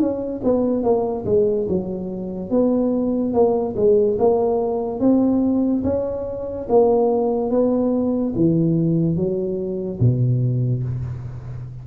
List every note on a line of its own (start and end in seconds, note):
0.00 0.42 C#4
0.44 0.84 B3
0.84 1.25 A#3
1.26 1.67 G#3
1.69 2.51 F#3
2.51 3.34 B3
3.34 3.75 A#3
3.77 4.18 G#3
4.19 5.00 A#3
5.00 5.83 C4
5.84 6.68 C#4
6.69 7.50 A#3
7.50 8.34 B3
8.36 9.17 E3
9.17 10.00 F#3
10.00 10.84 B2